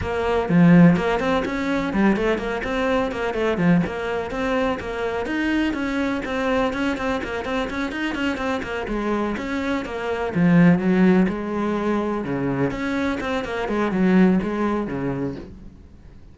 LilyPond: \new Staff \with { instrumentName = "cello" } { \time 4/4 \tempo 4 = 125 ais4 f4 ais8 c'8 cis'4 | g8 a8 ais8 c'4 ais8 a8 f8 | ais4 c'4 ais4 dis'4 | cis'4 c'4 cis'8 c'8 ais8 c'8 |
cis'8 dis'8 cis'8 c'8 ais8 gis4 cis'8~ | cis'8 ais4 f4 fis4 gis8~ | gis4. cis4 cis'4 c'8 | ais8 gis8 fis4 gis4 cis4 | }